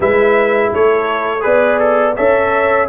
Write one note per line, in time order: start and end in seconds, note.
0.00 0.71 G#3
0.00 1.40 E4
0.00 0.71 B4
0.00 0.73 E5
0.72 1.45 A3
0.72 1.44 A4
0.72 1.42 C#5
1.40 2.17 B3
1.40 2.12 G#4
1.40 1.78 B4
1.40 2.16 D5
1.79 2.15 A4
2.16 2.88 C#4
2.16 2.88 A4
2.16 2.88 C#5
2.16 2.88 E5